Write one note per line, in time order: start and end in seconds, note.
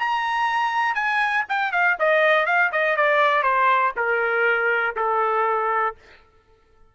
0.00 0.95 A#5
0.95 1.45 G#5
1.49 1.72 G5
1.72 1.97 F5
1.99 2.47 D#5
2.47 2.71 F5
2.73 2.97 D#5
2.97 3.43 D5
3.43 3.93 C5
3.97 4.96 A#4
4.96 5.95 A4